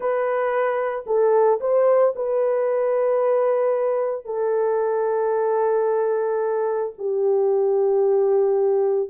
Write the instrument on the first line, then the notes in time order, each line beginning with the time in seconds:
horn
0.00 B4
1.06 A4
1.60 C5
2.15 B4
4.25 A4
6.98 G4